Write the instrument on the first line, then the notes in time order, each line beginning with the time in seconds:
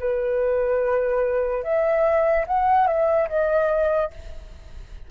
flute
0.00 B4
1.64 E5
2.47 F#5
2.87 E5
3.29 D#5